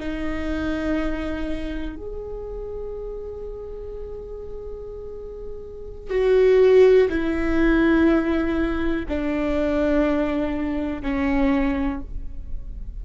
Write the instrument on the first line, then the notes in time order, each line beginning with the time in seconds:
viola
0.00 D#4
1.97 G#4
6.10 F#4
7.10 E4
9.09 D4
11.02 C#4